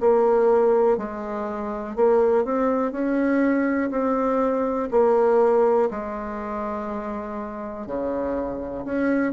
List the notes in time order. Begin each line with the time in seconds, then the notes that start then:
0.00 A#3
0.97 G#3
1.96 A#3
2.45 C4
2.92 C#4
3.91 C4
4.91 A#3
5.91 G#3
7.86 C#3
8.85 C#4